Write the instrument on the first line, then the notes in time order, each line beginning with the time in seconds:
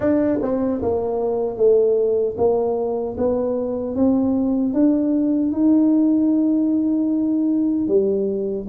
tuba
0.00 D4
0.42 C4
0.81 A#3
1.56 A3
2.37 A#3
3.17 B3
3.95 C4
4.73 D4
5.52 D#4
7.87 G3